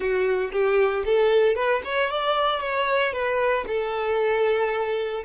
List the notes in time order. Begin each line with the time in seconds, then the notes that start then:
0.00 F#4
0.51 G4
1.05 A4
1.55 B4
1.84 C#5
2.10 D5
2.60 C#5
3.12 B4
3.67 A4